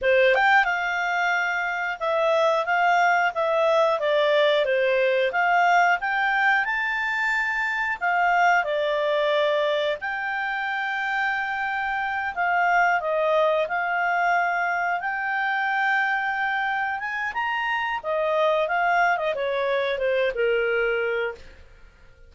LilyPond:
\new Staff \with { instrumentName = "clarinet" } { \time 4/4 \tempo 4 = 90 c''8 g''8 f''2 e''4 | f''4 e''4 d''4 c''4 | f''4 g''4 a''2 | f''4 d''2 g''4~ |
g''2~ g''8 f''4 dis''8~ | dis''8 f''2 g''4.~ | g''4. gis''8 ais''4 dis''4 | f''8. dis''16 cis''4 c''8 ais'4. | }